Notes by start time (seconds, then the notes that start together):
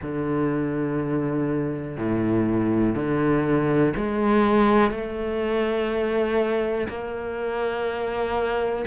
0.02 D3
1.97 A2
2.95 D3
3.96 G#3
4.90 A3
6.88 A#3